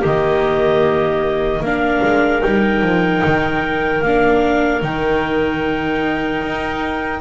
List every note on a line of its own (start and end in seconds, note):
0.00 1.60 D#3
0.00 1.62 A#3
0.00 1.60 G4
0.00 1.64 D#5
1.60 2.00 A#3
1.60 2.42 D4
1.60 7.21 A#4
1.60 2.42 F5
2.02 2.42 G#3
2.42 2.82 G3
2.42 4.02 D#4
2.42 4.02 G5
2.82 3.22 F3
3.25 4.02 D#3
4.02 4.82 A#3
4.02 4.81 D4
4.02 4.82 F5
4.81 6.42 D#3
4.81 7.21 D#4
4.81 7.21 G5
6.42 7.21 D#4